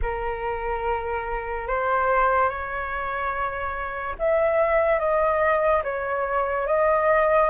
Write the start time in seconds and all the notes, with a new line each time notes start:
0.02 A#4
1.67 C5
2.48 C#5
4.19 E5
4.99 D#5
5.83 C#5
6.67 D#5